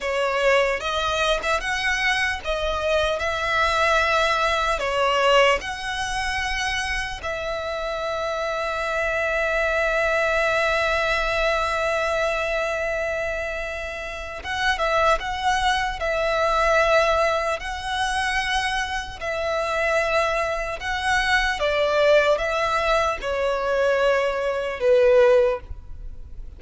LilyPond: \new Staff \with { instrumentName = "violin" } { \time 4/4 \tempo 4 = 75 cis''4 dis''8. e''16 fis''4 dis''4 | e''2 cis''4 fis''4~ | fis''4 e''2.~ | e''1~ |
e''2 fis''8 e''8 fis''4 | e''2 fis''2 | e''2 fis''4 d''4 | e''4 cis''2 b'4 | }